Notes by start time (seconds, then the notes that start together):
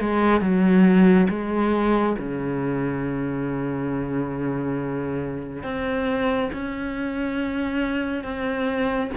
0.00 G#3
0.41 F#3
1.29 G#3
2.19 C#3
5.63 C4
6.53 C#4
8.24 C4